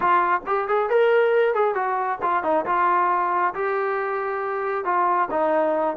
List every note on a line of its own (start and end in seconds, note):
0.00 0.41 F4
0.46 0.68 G4
0.68 0.89 G#4
0.89 1.54 A#4
1.54 1.74 G#4
1.74 2.19 F#4
2.21 2.43 F4
2.43 2.65 D#4
2.65 3.53 F4
3.54 4.84 G4
4.84 5.28 F4
5.30 5.96 D#4